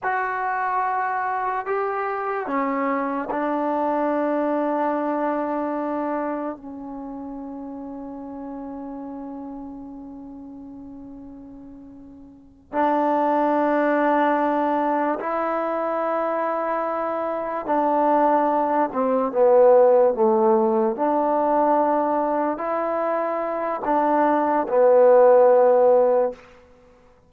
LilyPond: \new Staff \with { instrumentName = "trombone" } { \time 4/4 \tempo 4 = 73 fis'2 g'4 cis'4 | d'1 | cis'1~ | cis'2.~ cis'8 d'8~ |
d'2~ d'8 e'4.~ | e'4. d'4. c'8 b8~ | b8 a4 d'2 e'8~ | e'4 d'4 b2 | }